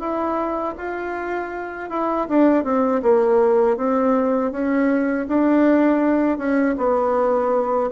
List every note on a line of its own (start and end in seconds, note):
0.00 0.75 E4
0.78 1.90 F4
1.90 2.27 E4
2.29 2.65 D4
2.65 3.02 C4
3.03 3.77 A#3
3.77 4.52 C4
4.52 5.27 C#4
5.28 6.38 D4
6.38 6.76 C#4
6.78 7.90 B3